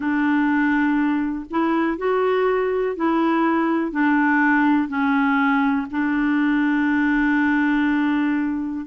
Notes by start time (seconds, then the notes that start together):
0.00 D4
1.50 E4
1.97 F#4
2.96 E4
3.91 D4
4.88 C#4
5.90 D4